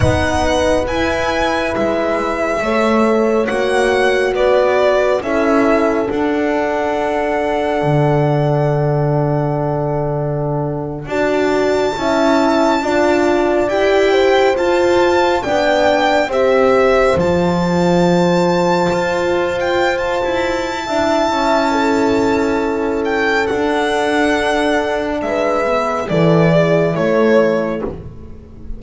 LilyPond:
<<
  \new Staff \with { instrumentName = "violin" } { \time 4/4 \tempo 4 = 69 fis''4 gis''4 e''2 | fis''4 d''4 e''4 fis''4~ | fis''1~ | fis''8. a''2. g''16~ |
g''8. a''4 g''4 e''4 a''16~ | a''2~ a''8 g''8 a''4~ | a''2~ a''8 g''8 fis''4~ | fis''4 e''4 d''4 cis''4 | }
  \new Staff \with { instrumentName = "horn" } { \time 4/4 b'2. cis''4~ | cis''4 b'4 a'2~ | a'1~ | a'8. d''4 e''4 d''4~ d''16~ |
d''16 c''4. d''4 c''4~ c''16~ | c''1 | e''4 a'2.~ | a'4 b'4 a'8 gis'8 a'4 | }
  \new Staff \with { instrumentName = "horn" } { \time 4/4 dis'4 e'2 a'4 | fis'2 e'4 d'4~ | d'1~ | d'8. fis'4 e'4 f'4 g'16~ |
g'8. f'4 d'4 g'4 f'16~ | f'1 | e'2. d'4~ | d'4. b8 e'2 | }
  \new Staff \with { instrumentName = "double bass" } { \time 4/4 b4 e'4 gis4 a4 | ais4 b4 cis'4 d'4~ | d'4 d2.~ | d8. d'4 cis'4 d'4 e'16~ |
e'8. f'4 b4 c'4 f16~ | f4.~ f16 f'4. e'8. | d'8 cis'2~ cis'8 d'4~ | d'4 gis4 e4 a4 | }
>>